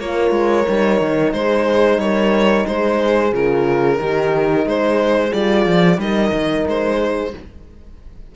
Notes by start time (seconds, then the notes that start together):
0.00 A#3 F4 A#4 C#5
0.32 G#3
0.65 G3 D#4
1.01 D#3
1.33 G#3 G#4 C5
1.98 G3 A#4 C#5
2.67 G#3 G#4 C5
3.33 C#3 F4 A#4
3.97 D#3 D#4 G4
4.66 G#3 G#4 C5
5.32 G3 F4 D5
5.67 F3
5.98 G3 D#4 A#4 D#5
6.32 D#3
6.67 G#3 C5
6.98 G#4